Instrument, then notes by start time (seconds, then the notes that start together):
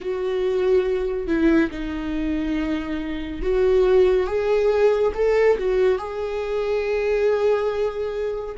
viola
0.00 F#4
1.27 E4
1.70 D#4
3.42 F#4
4.26 G#4
5.14 A4
5.58 F#4
5.98 G#4